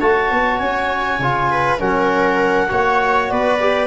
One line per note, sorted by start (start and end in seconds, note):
0.00 0.31 A3
0.00 1.21 F#4
0.00 1.50 C#5
0.00 0.58 A5
0.31 0.60 B3
0.58 1.19 C#4
0.58 1.78 G#5
1.19 1.79 C#3
1.19 1.79 F4
1.51 1.80 B4
1.79 2.71 F#3
1.79 2.69 C#4
1.79 2.70 A#4
1.79 3.29 F#5
2.69 3.31 A#3
2.69 3.59 F#4
2.69 3.31 C#5
3.29 3.87 B3
3.29 3.87 B4
3.29 3.87 D5
3.60 3.87 G4